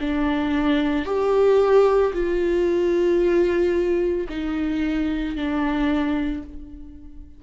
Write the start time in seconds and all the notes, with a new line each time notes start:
0.00 D4
1.05 G4
2.13 F4
4.29 D#4
5.36 D4